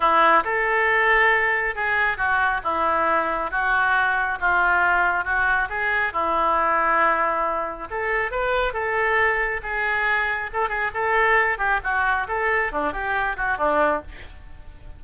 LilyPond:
\new Staff \with { instrumentName = "oboe" } { \time 4/4 \tempo 4 = 137 e'4 a'2. | gis'4 fis'4 e'2 | fis'2 f'2 | fis'4 gis'4 e'2~ |
e'2 a'4 b'4 | a'2 gis'2 | a'8 gis'8 a'4. g'8 fis'4 | a'4 d'8 g'4 fis'8 d'4 | }